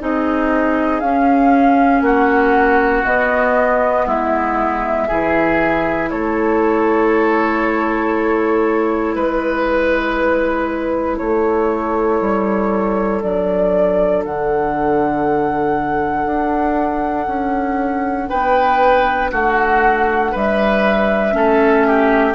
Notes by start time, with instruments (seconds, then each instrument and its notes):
0.00 bassoon C4, clarinet D#4, oboe G#4, flute D#5
1.00 bassoon C#4, clarinet C#4, flute F5
2.01 bassoon A#3, oboe F#4, flute F#5
3.05 clarinet B3, bassoon B3, flute D#5
4.06 bassoon G#3, oboe E4, flute E5
5.08 bassoon E3, clarinet E4, oboe G#4
6.10 bassoon A3, oboe A4, flute C#5
9.15 bassoon G#3, oboe B4, flute B4
11.18 bassoon A3, oboe A4, flute C#5
12.21 bassoon G3
13.21 bassoon F#3, clarinet D4, flute D5
14.25 bassoon D3, flute F#5
16.26 bassoon D4
17.27 bassoon C#4
18.29 bassoon B3, oboe B4, flute G5
19.31 bassoon A3, oboe F#4, flute F#5
20.32 bassoon G3, oboe B4, flute E5
21.32 bassoon A3, clarinet C#4, oboe A4
21.87 oboe G4